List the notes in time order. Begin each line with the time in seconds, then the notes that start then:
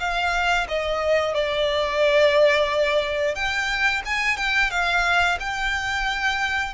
0.00 F5
0.69 D#5
1.35 D5
3.35 G5
4.06 G#5
4.37 G5
4.71 F5
5.40 G5